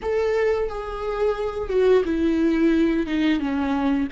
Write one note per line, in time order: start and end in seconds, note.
0.02 0.68 A4
0.68 1.69 G#4
1.69 2.03 F#4
2.04 3.06 E4
3.06 3.39 D#4
3.39 4.07 C#4